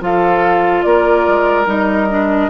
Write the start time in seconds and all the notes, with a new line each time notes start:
0.00 F3 F4 A4 F5
0.82 A#3 A#4 D5
1.27 G#3
1.66 G3 D#4 D#5
2.10 D4